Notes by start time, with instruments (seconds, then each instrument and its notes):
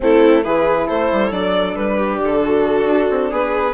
0.00 bassoon A3, horn C4, viola E4, violin A4
0.43 bassoon E3, horn E4, viola G#4, violin B4
0.86 bassoon A3, viola A4, violin C5
1.12 bassoon G3
1.31 bassoon F#3, horn D4, violin D5
1.75 bassoon G3, violin B4
1.97 viola G4
2.23 bassoon D3, violin A4
2.44 viola F#4
2.85 bassoon D4
3.10 bassoon C4
3.30 bassoon B3, viola G#4, violin B4